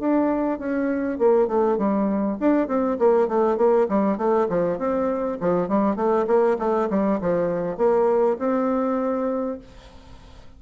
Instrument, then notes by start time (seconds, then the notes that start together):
bassoon
0.00 D4
0.59 C#4
1.19 A#3
1.48 A3
1.78 G3
2.40 D4
2.68 C4
2.99 A#3
3.28 A3
3.57 A#3
3.89 G3
4.18 A3
4.49 F3
4.79 C4
5.41 F3
5.69 G3
5.96 A3
6.27 A#3
6.59 A3
6.90 G3
7.21 F3
7.78 A#3
8.39 C4